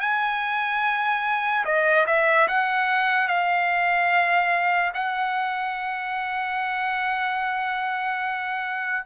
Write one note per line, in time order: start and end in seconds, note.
0.00 1.64 G#5
1.65 2.06 D#5
2.06 2.47 E5
2.48 3.28 F#5
3.28 4.92 F5
4.94 9.05 F#5